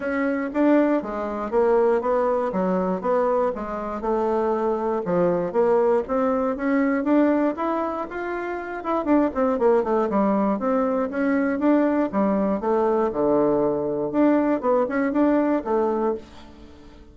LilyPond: \new Staff \with { instrumentName = "bassoon" } { \time 4/4 \tempo 4 = 119 cis'4 d'4 gis4 ais4 | b4 fis4 b4 gis4 | a2 f4 ais4 | c'4 cis'4 d'4 e'4 |
f'4. e'8 d'8 c'8 ais8 a8 | g4 c'4 cis'4 d'4 | g4 a4 d2 | d'4 b8 cis'8 d'4 a4 | }